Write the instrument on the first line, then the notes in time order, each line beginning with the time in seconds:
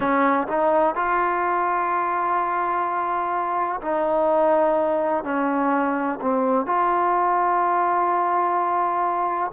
trombone
0.00 C#4
0.47 D#4
0.95 F4
3.81 D#4
5.24 C#4
6.21 C4
6.65 F4